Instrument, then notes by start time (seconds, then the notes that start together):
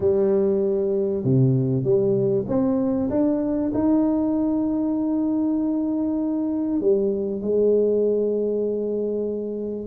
tuba
0.00 G3
1.23 C3
1.83 G3
2.47 C4
3.09 D4
3.73 D#4
6.80 G3
7.41 G#3